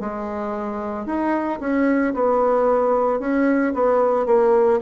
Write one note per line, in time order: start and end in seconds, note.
0.00 1.06 G#3
1.06 1.60 D#4
1.60 2.14 C#4
2.14 3.20 B3
3.20 3.74 C#4
3.75 4.26 B3
4.26 4.80 A#3